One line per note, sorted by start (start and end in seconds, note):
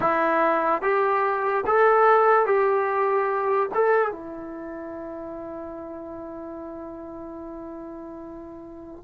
0.00 0.82 E4
0.82 1.64 G4
1.66 2.45 A4
2.45 3.69 G4
3.74 4.11 A4
4.11 9.03 E4